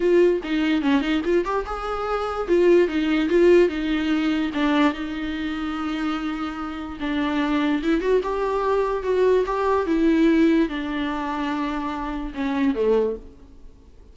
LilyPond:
\new Staff \with { instrumentName = "viola" } { \time 4/4 \tempo 4 = 146 f'4 dis'4 cis'8 dis'8 f'8 g'8 | gis'2 f'4 dis'4 | f'4 dis'2 d'4 | dis'1~ |
dis'4 d'2 e'8 fis'8 | g'2 fis'4 g'4 | e'2 d'2~ | d'2 cis'4 a4 | }